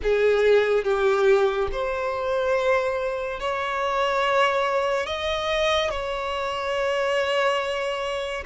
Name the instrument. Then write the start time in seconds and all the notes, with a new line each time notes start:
violin
0.02 G#4
0.84 G4
1.71 C5
3.40 C#5
5.06 D#5
5.90 C#5